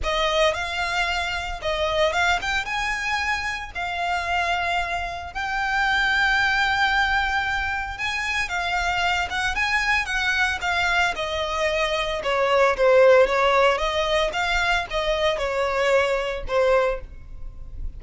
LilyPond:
\new Staff \with { instrumentName = "violin" } { \time 4/4 \tempo 4 = 113 dis''4 f''2 dis''4 | f''8 g''8 gis''2 f''4~ | f''2 g''2~ | g''2. gis''4 |
f''4. fis''8 gis''4 fis''4 | f''4 dis''2 cis''4 | c''4 cis''4 dis''4 f''4 | dis''4 cis''2 c''4 | }